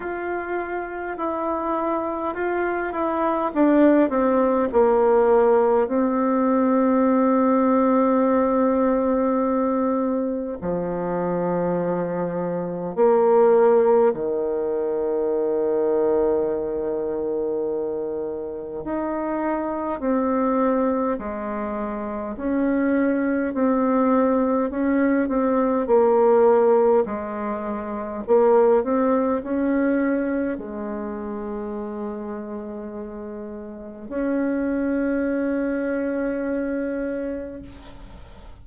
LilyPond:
\new Staff \with { instrumentName = "bassoon" } { \time 4/4 \tempo 4 = 51 f'4 e'4 f'8 e'8 d'8 c'8 | ais4 c'2.~ | c'4 f2 ais4 | dis1 |
dis'4 c'4 gis4 cis'4 | c'4 cis'8 c'8 ais4 gis4 | ais8 c'8 cis'4 gis2~ | gis4 cis'2. | }